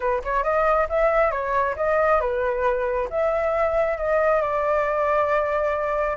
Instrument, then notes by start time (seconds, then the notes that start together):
flute
0.00 B4
0.23 C#5
0.43 D#5
0.89 E5
1.31 C#5
1.76 D#5
2.20 B4
3.10 E5
3.97 D#5
4.41 D5